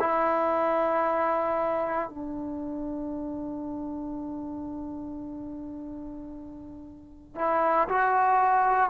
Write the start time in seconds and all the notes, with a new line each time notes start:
0.00 E4
2.10 D4
7.35 E4
7.89 F#4